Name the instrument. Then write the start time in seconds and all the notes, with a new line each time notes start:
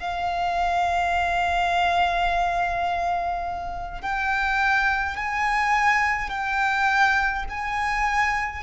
violin
0.00 F5
4.02 G5
5.17 G#5
6.29 G5
7.49 G#5